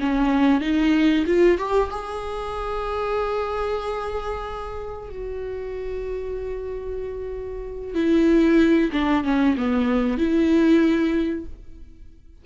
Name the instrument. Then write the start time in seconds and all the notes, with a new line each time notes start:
viola
0.00 C#4
0.61 D#4
1.26 F4
1.58 G4
1.91 G#4
5.09 F#4
7.94 E4
8.92 D4
9.24 C#4
9.57 B3
10.18 E4